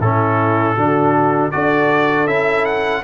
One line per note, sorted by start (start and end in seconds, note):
0.00 0.76 A2
0.00 0.78 C#4
0.00 0.75 E4
0.00 1.52 A4
0.75 1.53 D3
0.75 1.52 D4
0.75 1.51 F#4
1.52 2.27 D4
1.52 2.28 F#4
1.52 3.04 A4
1.52 2.28 D5
2.27 3.03 C#4
2.27 3.04 E4
2.27 2.66 E5
2.66 3.03 F#5